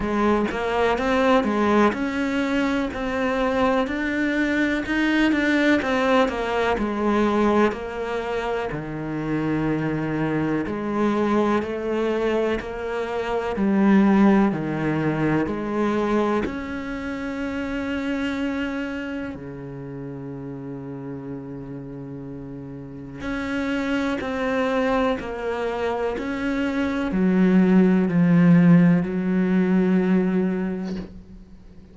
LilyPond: \new Staff \with { instrumentName = "cello" } { \time 4/4 \tempo 4 = 62 gis8 ais8 c'8 gis8 cis'4 c'4 | d'4 dis'8 d'8 c'8 ais8 gis4 | ais4 dis2 gis4 | a4 ais4 g4 dis4 |
gis4 cis'2. | cis1 | cis'4 c'4 ais4 cis'4 | fis4 f4 fis2 | }